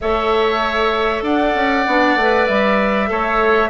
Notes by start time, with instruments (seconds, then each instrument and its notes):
0.00 bassoon A3, clarinet A4, oboe C#5, flute E5
1.22 bassoon D4, oboe D5, flute F#5
1.54 bassoon C#4
1.87 bassoon B3, clarinet D4
2.16 bassoon A3, clarinet B4
2.46 bassoon G3, flute E5
3.06 bassoon A3, clarinet A4, oboe C#5